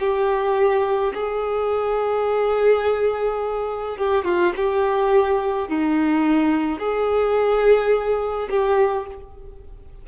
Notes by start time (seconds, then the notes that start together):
0.00 G4
1.14 G#4
3.98 G4
4.25 F4
4.56 G4
5.68 D#4
6.79 G#4
8.50 G4